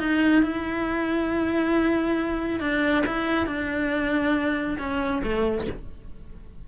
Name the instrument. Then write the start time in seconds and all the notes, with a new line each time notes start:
cello
0.00 D#4
0.43 E4
2.61 D4
3.07 E4
3.47 D4
4.79 C#4
5.24 A3